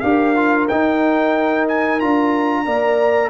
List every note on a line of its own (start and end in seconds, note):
0.00 0.69 D4
0.00 0.36 G4
0.00 2.64 A#4
0.00 0.66 F5
0.36 0.69 F4
0.68 2.02 D#4
0.68 2.00 D#4
0.68 1.67 G5
1.68 2.00 G#5
2.00 2.67 D4
2.00 2.65 F4
2.00 3.30 A#5
2.65 3.30 A#3
2.65 3.30 A#4
2.65 3.30 D5